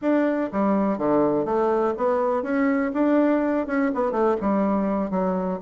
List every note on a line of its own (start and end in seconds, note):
0.01 0.50 D4
0.52 0.98 G3
0.98 1.45 D3
1.45 1.94 A3
1.97 2.42 B3
2.42 2.91 C#4
2.93 3.67 D4
3.67 3.91 C#4
3.94 4.11 B3
4.11 4.35 A3
4.40 5.10 G3
5.10 5.59 F#3